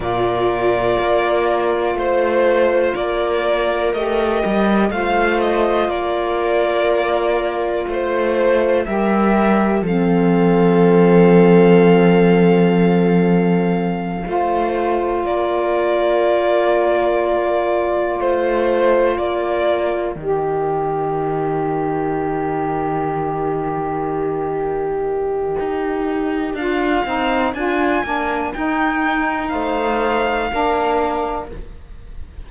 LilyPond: <<
  \new Staff \with { instrumentName = "violin" } { \time 4/4 \tempo 4 = 61 d''2 c''4 d''4 | dis''4 f''8 dis''8 d''2 | c''4 e''4 f''2~ | f''2.~ f''8 d''8~ |
d''2~ d''8 c''4 d''8~ | d''8 dis''2.~ dis''8~ | dis''2. f''4 | gis''4 g''4 f''2 | }
  \new Staff \with { instrumentName = "viola" } { \time 4/4 ais'2 c''4 ais'4~ | ais'4 c''4 ais'2 | c''4 ais'4 a'2~ | a'2~ a'8 c''4 ais'8~ |
ais'2~ ais'8 c''4 ais'8~ | ais'1~ | ais'1~ | ais'2 c''4 ais'4 | }
  \new Staff \with { instrumentName = "saxophone" } { \time 4/4 f'1 | g'4 f'2.~ | f'4 g'4 c'2~ | c'2~ c'8 f'4.~ |
f'1~ | f'8 g'2.~ g'8~ | g'2. f'8 dis'8 | f'8 d'8 dis'2 d'4 | }
  \new Staff \with { instrumentName = "cello" } { \time 4/4 ais,4 ais4 a4 ais4 | a8 g8 a4 ais2 | a4 g4 f2~ | f2~ f8 a4 ais8~ |
ais2~ ais8 a4 ais8~ | ais8 dis2.~ dis8~ | dis2 dis'4 d'8 c'8 | d'8 ais8 dis'4 a4 ais4 | }
>>